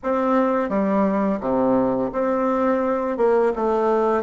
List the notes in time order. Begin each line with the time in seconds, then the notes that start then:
0.03 C4
0.69 G3
1.40 C3
2.12 C4
3.17 A#3
3.55 A3